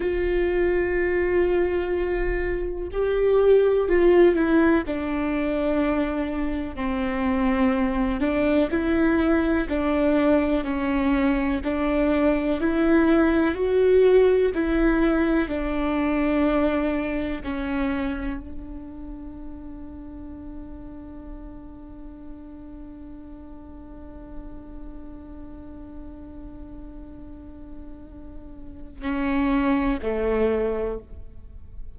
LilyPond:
\new Staff \with { instrumentName = "viola" } { \time 4/4 \tempo 4 = 62 f'2. g'4 | f'8 e'8 d'2 c'4~ | c'8 d'8 e'4 d'4 cis'4 | d'4 e'4 fis'4 e'4 |
d'2 cis'4 d'4~ | d'1~ | d'1~ | d'2 cis'4 a4 | }